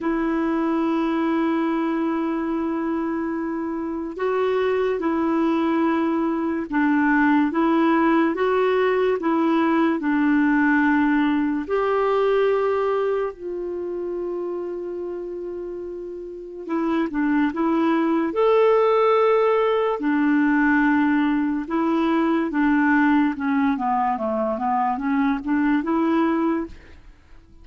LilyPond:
\new Staff \with { instrumentName = "clarinet" } { \time 4/4 \tempo 4 = 72 e'1~ | e'4 fis'4 e'2 | d'4 e'4 fis'4 e'4 | d'2 g'2 |
f'1 | e'8 d'8 e'4 a'2 | d'2 e'4 d'4 | cis'8 b8 a8 b8 cis'8 d'8 e'4 | }